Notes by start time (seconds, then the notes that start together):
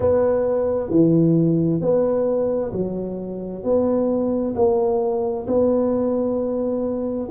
0.00 B3
0.90 E3
1.81 B3
2.72 F#3
3.63 B3
4.55 A#3
5.47 B3